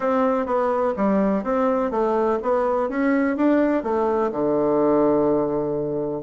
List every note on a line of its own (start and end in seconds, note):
0.00 0.46 C4
0.46 0.94 B3
0.96 1.43 G3
1.43 1.90 C4
1.90 2.38 A3
2.42 2.89 B3
2.89 3.36 C#4
3.36 3.83 D4
3.83 4.31 A3
4.31 6.22 D3